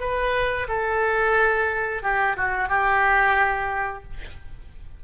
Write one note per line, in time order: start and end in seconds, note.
0.00 0.67 B4
0.69 2.03 A4
2.03 2.37 G4
2.37 2.69 F#4
2.69 4.04 G4